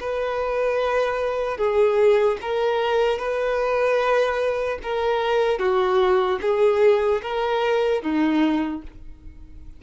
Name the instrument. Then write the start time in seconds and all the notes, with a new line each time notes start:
violin
0.00 B4
1.57 G#4
2.41 A#4
3.19 B4
4.83 A#4
5.59 F#4
6.41 G#4
7.22 A#4
8.02 D#4